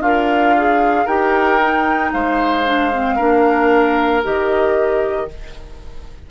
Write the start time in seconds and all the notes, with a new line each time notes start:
0.00 D4 F4 A#4 F5
0.57 G#4
1.05 D#4 G4 A#4 G5
1.61 D#4
2.12 G#3 C5 F5
2.65 D4
2.92 C4
3.15 A#3 D4 A#4
4.23 D#3 G4 D#5